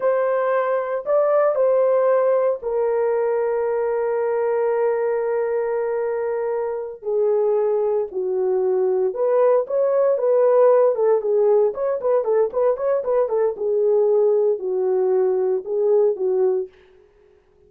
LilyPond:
\new Staff \with { instrumentName = "horn" } { \time 4/4 \tempo 4 = 115 c''2 d''4 c''4~ | c''4 ais'2.~ | ais'1~ | ais'4. gis'2 fis'8~ |
fis'4. b'4 cis''4 b'8~ | b'4 a'8 gis'4 cis''8 b'8 a'8 | b'8 cis''8 b'8 a'8 gis'2 | fis'2 gis'4 fis'4 | }